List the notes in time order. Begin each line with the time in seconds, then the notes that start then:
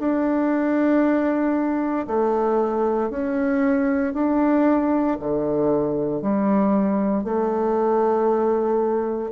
0.00 D4
2.07 A3
3.10 C#4
4.14 D4
5.20 D3
6.22 G3
7.24 A3